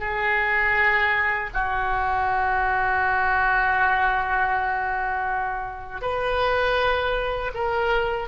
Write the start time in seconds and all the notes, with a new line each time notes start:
0.00 G#4
1.54 F#4
6.01 B4
7.54 A#4